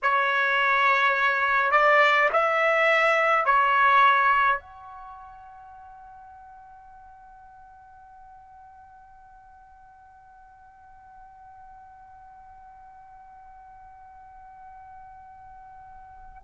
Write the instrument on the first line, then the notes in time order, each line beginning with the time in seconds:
trumpet
0.02 C#5
1.71 D5
2.32 E5
3.45 C#5
4.59 F#5